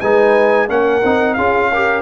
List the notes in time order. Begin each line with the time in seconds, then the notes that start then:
0.00 G#3 D#4 B4 G#5
0.68 A#3 C#4 A#4 F#5
1.04 C4 D#4
1.34 C#4 F4 G#4 F5
1.71 G4 A#4